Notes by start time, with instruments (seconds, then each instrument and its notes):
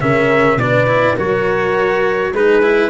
0.00 tuba C#3, cello C#4, horn A#4, trumpet E5
0.56 tuba B2, cello D4, horn B4, trumpet D5
0.87 cello E4
1.15 tuba F#3, cello F#4, horn A#4, trumpet C#5
2.31 tuba G#3, cello D#4, horn G#4, trumpet B4
2.62 cello E4